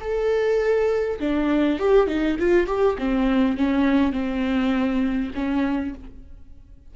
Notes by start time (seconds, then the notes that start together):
0.00 A4
1.19 D4
1.79 G4
2.07 D#4
2.39 F4
2.66 G4
2.98 C4
3.57 C#4
4.12 C4
5.34 C#4